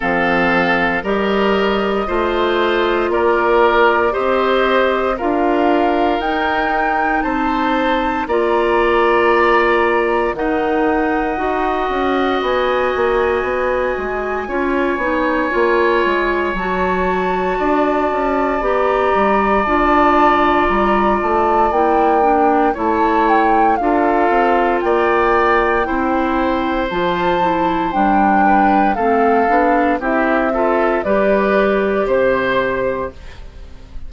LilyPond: <<
  \new Staff \with { instrumentName = "flute" } { \time 4/4 \tempo 4 = 58 f''4 dis''2 d''4 | dis''4 f''4 g''4 a''4 | ais''2 fis''2 | gis''1 |
a''2 ais''4 a''4 | ais''8 a''8 g''4 a''8 g''8 f''4 | g''2 a''4 g''4 | f''4 e''4 d''4 c''4 | }
  \new Staff \with { instrumentName = "oboe" } { \time 4/4 a'4 ais'4 c''4 ais'4 | c''4 ais'2 c''4 | d''2 dis''2~ | dis''2 cis''2~ |
cis''4 d''2.~ | d''2 cis''4 a'4 | d''4 c''2~ c''8 b'8 | a'4 g'8 a'8 b'4 c''4 | }
  \new Staff \with { instrumentName = "clarinet" } { \time 4/4 c'4 g'4 f'2 | g'4 f'4 dis'2 | f'2 dis'4 fis'4~ | fis'2 f'8 dis'8 f'4 |
fis'2 g'4 f'4~ | f'4 e'8 d'8 e'4 f'4~ | f'4 e'4 f'8 e'8 d'4 | c'8 d'8 e'8 f'8 g'2 | }
  \new Staff \with { instrumentName = "bassoon" } { \time 4/4 f4 g4 a4 ais4 | c'4 d'4 dis'4 c'4 | ais2 dis4 dis'8 cis'8 | b8 ais8 b8 gis8 cis'8 b8 ais8 gis8 |
fis4 d'8 cis'8 b8 g8 d'4 | g8 a8 ais4 a4 d'8 c'8 | ais4 c'4 f4 g4 | a8 b8 c'4 g4 c4 | }
>>